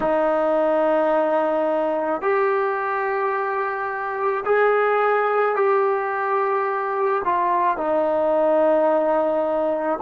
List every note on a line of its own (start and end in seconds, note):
0.00 2.21 D#4
2.21 4.43 G4
4.45 5.55 G#4
5.55 7.22 G4
7.24 7.77 F4
7.77 9.99 D#4